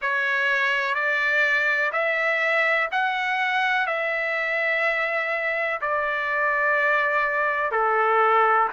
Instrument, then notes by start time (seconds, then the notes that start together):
trumpet
0.01 C#5
0.94 D5
1.92 E5
2.91 F#5
3.87 E5
5.81 D5
7.71 A4